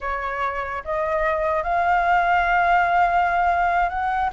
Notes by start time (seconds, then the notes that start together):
0.00 C#5
0.84 D#5
1.63 F5
3.89 F#5